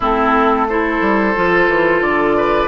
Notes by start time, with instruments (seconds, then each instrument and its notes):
0.00 bassoon A3, clarinet C4, oboe E4, flute A4
0.68 clarinet E4, oboe A4, flute C5
1.01 bassoon G3
1.35 bassoon F3, clarinet F4
1.68 bassoon E3
2.00 bassoon D3, flute D5
2.36 oboe B4